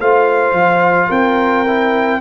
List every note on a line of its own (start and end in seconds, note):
0.00 0.52 A3
0.00 1.66 F4
0.00 1.08 C5
0.00 1.11 F5
0.52 1.07 F3
1.08 2.21 C4
1.08 2.19 A#4
1.08 2.21 G5
1.66 2.21 E4